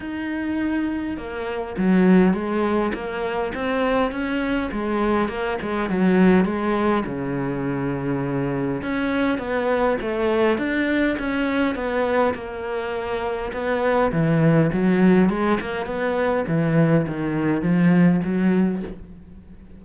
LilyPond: \new Staff \with { instrumentName = "cello" } { \time 4/4 \tempo 4 = 102 dis'2 ais4 fis4 | gis4 ais4 c'4 cis'4 | gis4 ais8 gis8 fis4 gis4 | cis2. cis'4 |
b4 a4 d'4 cis'4 | b4 ais2 b4 | e4 fis4 gis8 ais8 b4 | e4 dis4 f4 fis4 | }